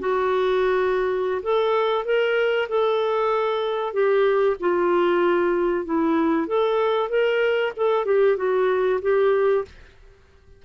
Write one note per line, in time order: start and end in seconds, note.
0.00 1.42 F#4
1.43 2.05 A4
2.05 2.68 A#4
2.69 3.94 A4
3.94 4.57 G4
4.60 5.85 F4
5.85 6.48 E4
6.48 7.09 A4
7.09 7.73 A#4
7.77 8.06 A4
8.06 8.37 G4
8.37 9.00 F#4
9.02 9.65 G4